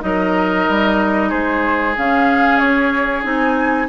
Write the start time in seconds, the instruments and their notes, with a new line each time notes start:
0.00 bassoon F#3, clarinet D#4, oboe A#4, flute D#5
0.68 bassoon G3
1.29 bassoon G#3, oboe G#4, flute C5
1.97 bassoon C#3, clarinet C#4, flute F5
2.58 bassoon C#4, flute C#5
3.23 bassoon C4, clarinet D#4, flute G#5